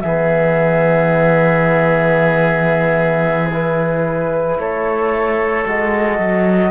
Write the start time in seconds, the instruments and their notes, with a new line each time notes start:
0.00 cello E3, trombone B3, oboe G#4, flute E5
3.53 trombone E4, flute B4
4.58 cello A3, oboe A4, flute C#5
5.66 cello G#3, trombone F#4, flute D#5
6.19 cello F#3